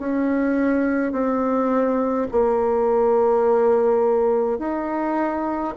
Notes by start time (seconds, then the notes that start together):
0.00 C#4
1.13 C4
2.32 A#3
4.59 D#4